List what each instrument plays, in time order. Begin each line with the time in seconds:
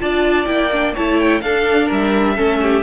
0.00 cello D4, viola F4, violin D5 A5
0.46 cello A#3, viola E4, violin G5
0.72 viola D4
0.94 cello A3, viola E4, violin C#5 A5
1.19 violin G5
1.41 cello D4, viola D4, violin A4 F5
1.86 cello G3, violin A#4
1.92 violin E5
2.36 cello A3, viola C#4, violin A4
2.62 violin G4